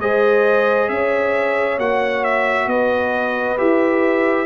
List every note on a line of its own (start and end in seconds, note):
0.00 0.89 G#3
0.00 1.79 G#4
0.00 0.92 C5
0.00 0.89 D#5
0.89 1.78 C#4
0.89 2.69 C#5
0.89 1.79 E5
1.78 2.67 A#3
1.78 3.58 F#4
1.78 2.24 F#5
2.24 2.69 E5
2.67 3.56 B3
2.67 4.47 B4
2.67 3.58 D#5
3.58 4.47 E4
3.58 4.47 G4
3.58 4.47 E5